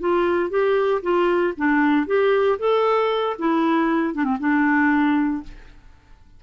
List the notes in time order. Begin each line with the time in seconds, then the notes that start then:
0.00 F4
0.50 G4
1.02 F4
1.57 D4
2.07 G4
2.60 A4
3.39 E4
4.14 D4
4.25 C4
4.40 D4